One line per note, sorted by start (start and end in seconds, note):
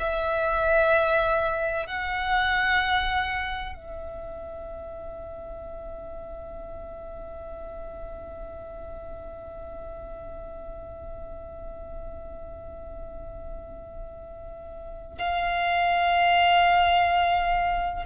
0.00 1.87 E5
1.87 3.75 F#5
3.75 15.18 E5
15.19 18.04 F5